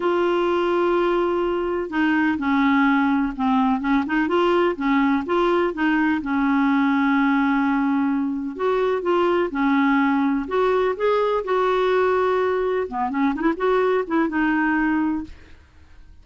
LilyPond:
\new Staff \with { instrumentName = "clarinet" } { \time 4/4 \tempo 4 = 126 f'1 | dis'4 cis'2 c'4 | cis'8 dis'8 f'4 cis'4 f'4 | dis'4 cis'2.~ |
cis'2 fis'4 f'4 | cis'2 fis'4 gis'4 | fis'2. b8 cis'8 | dis'16 e'16 fis'4 e'8 dis'2 | }